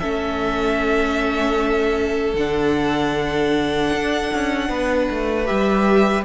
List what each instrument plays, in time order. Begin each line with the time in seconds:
0.00 cello A3, viola C#4, violin A4 E5
2.34 cello D3, viola D4, violin F#5
3.93 cello D4
4.33 cello C#4
4.69 cello B3, violin B4
5.11 cello A3
5.46 cello G3, viola G4, violin E5